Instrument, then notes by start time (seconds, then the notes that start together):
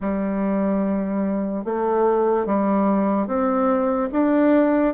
bassoon
0.00 G3
1.64 A3
2.46 G3
3.27 C4
4.12 D4